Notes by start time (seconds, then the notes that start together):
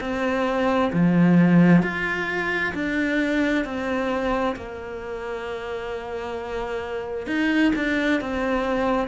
0.00 C4
0.93 F3
1.82 F4
2.74 D4
3.64 C4
4.56 A#3
7.27 D#4
7.75 D4
8.21 C4